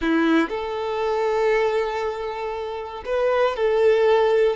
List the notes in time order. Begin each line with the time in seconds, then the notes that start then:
0.01 E4
0.49 A4
3.05 B4
3.55 A4